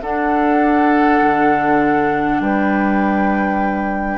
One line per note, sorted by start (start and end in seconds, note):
0.00 1.21 D4
0.00 4.17 D4
0.00 2.42 A4
0.00 2.40 F#5
1.21 2.40 D3
2.40 4.17 G3
2.40 4.17 B4
2.40 4.17 G5